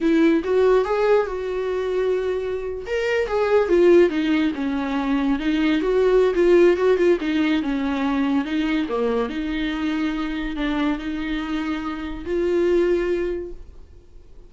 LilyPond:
\new Staff \with { instrumentName = "viola" } { \time 4/4 \tempo 4 = 142 e'4 fis'4 gis'4 fis'4~ | fis'2~ fis'8. ais'4 gis'16~ | gis'8. f'4 dis'4 cis'4~ cis'16~ | cis'8. dis'4 fis'4~ fis'16 f'4 |
fis'8 f'8 dis'4 cis'2 | dis'4 ais4 dis'2~ | dis'4 d'4 dis'2~ | dis'4 f'2. | }